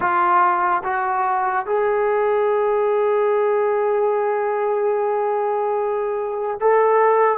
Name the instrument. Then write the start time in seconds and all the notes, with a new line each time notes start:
trombone
0.00 F4
0.83 F#4
1.66 G#4
6.60 A4